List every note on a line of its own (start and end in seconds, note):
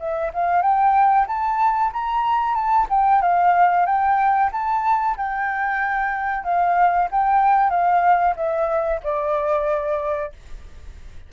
0.00 0.32 E5
0.34 0.62 F5
0.62 1.27 G5
1.28 1.92 A5
1.93 2.55 A#5
2.55 2.87 A5
2.90 3.22 G5
3.22 3.87 F5
3.87 4.51 G5
4.52 5.17 A5
5.17 6.44 G5
6.44 7.09 F5
7.12 7.71 G5
7.71 8.35 F5
8.36 9.01 E5
9.04 10.33 D5